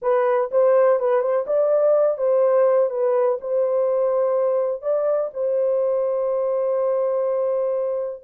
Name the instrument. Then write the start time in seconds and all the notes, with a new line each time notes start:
horn
0.02 B4
0.51 C5
0.99 B4
1.21 C5
1.46 D5
2.17 C5
2.90 B4
3.40 C5
4.81 D5
5.33 C5